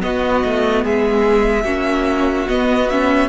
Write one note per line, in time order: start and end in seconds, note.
0.00 1.64 B3
0.00 0.43 B3
0.00 0.84 F#4
0.00 0.84 D#5
0.45 0.85 A3
0.84 1.64 G#3
0.84 1.65 G#4
0.84 2.48 E5
1.64 2.46 A#3
1.64 2.48 C#4
1.64 3.29 F#4
2.48 3.29 B3
2.48 2.90 B3
2.48 2.89 D#5
2.89 3.29 C#4
2.89 3.29 E5